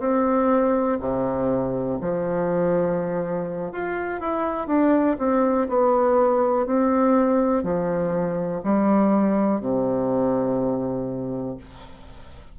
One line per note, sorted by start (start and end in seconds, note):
0.00 0.98 C4
1.00 1.99 C3
2.01 3.72 F3
3.72 4.20 F4
4.20 4.67 E4
4.67 5.16 D4
5.19 5.68 C4
5.68 6.66 B3
6.66 7.63 C4
7.63 8.62 F3
8.63 9.60 G3
9.60 11.57 C3